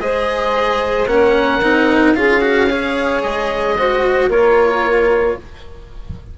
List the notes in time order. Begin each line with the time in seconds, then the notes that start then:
0.00 G#3 G#4 C5 D#5
1.06 A#3 C#4 F#5
1.12 A#4
1.62 C4 D#4
2.15 C#4 F4 G#4 F5
2.42 F#4
2.69 G#4 C#5
3.23 G#3 D#5
3.79 F#4 C5
4.28 A#3 F4 A#4 C#5